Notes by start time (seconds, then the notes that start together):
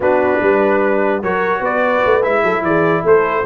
0.00 B3 D4 F#4 B4
0.41 G3 B4
1.22 F#3 F#4 A#4 C#5
1.60 B3 B4 D5
2.05 A3
2.22 G#3 E4 E5
2.43 F#3 A4
2.61 E3 G#4 D5
3.02 A3 A4 C5